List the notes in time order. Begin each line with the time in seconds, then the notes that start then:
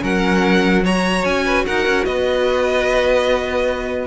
0.00 F#3 C#4 A#4 F#5
0.83 F#4 C#5 A#5
1.24 C#4 G#5
1.45 B4
1.65 D#4 A#4 F#5
1.86 C#4
2.05 B3 B4 D#5